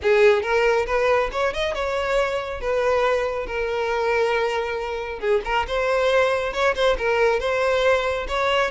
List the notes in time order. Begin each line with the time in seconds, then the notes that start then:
0.02 G#4
0.42 A#4
0.86 B4
1.32 C#5
1.53 D#5
1.74 C#5
2.60 B4
3.46 A#4
5.19 G#4
5.44 A#4
5.67 C5
6.53 C#5
6.75 C5
6.98 A#4
7.39 C5
8.27 C#5